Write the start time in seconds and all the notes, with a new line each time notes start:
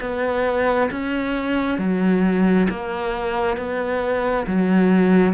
0.00 B3
0.91 C#4
1.78 F#3
2.69 A#3
3.57 B3
4.47 F#3